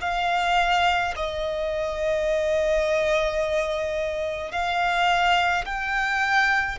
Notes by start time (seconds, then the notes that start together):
0.00 F5
1.16 D#5
4.51 F5
5.65 G5